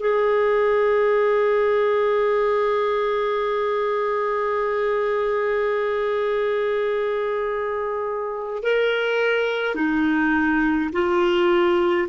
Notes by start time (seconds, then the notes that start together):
0.00 G#4
8.63 A#4
9.74 D#4
10.92 F4